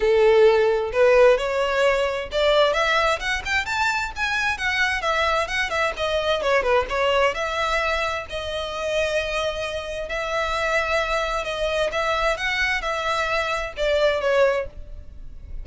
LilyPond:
\new Staff \with { instrumentName = "violin" } { \time 4/4 \tempo 4 = 131 a'2 b'4 cis''4~ | cis''4 d''4 e''4 fis''8 g''8 | a''4 gis''4 fis''4 e''4 | fis''8 e''8 dis''4 cis''8 b'8 cis''4 |
e''2 dis''2~ | dis''2 e''2~ | e''4 dis''4 e''4 fis''4 | e''2 d''4 cis''4 | }